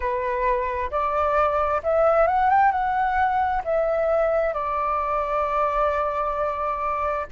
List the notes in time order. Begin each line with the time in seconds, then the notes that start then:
0.00 B4
0.90 D5
1.83 E5
2.27 F#5
2.50 G5
2.71 F#5
3.64 E5
4.53 D5